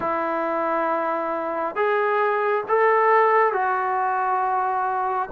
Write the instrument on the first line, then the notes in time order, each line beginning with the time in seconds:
trombone
0.00 E4
1.75 G#4
2.68 A4
3.52 F#4